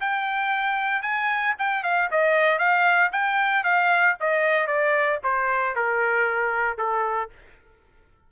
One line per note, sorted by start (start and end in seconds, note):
0.00 1.02 G5
1.02 1.54 G#5
1.58 1.83 G5
1.83 2.09 F5
2.11 2.58 D#5
2.58 3.10 F5
3.12 3.63 G5
3.63 4.15 F5
4.20 4.67 D#5
4.67 5.19 D5
5.23 5.75 C5
5.75 6.78 A#4
6.78 7.30 A4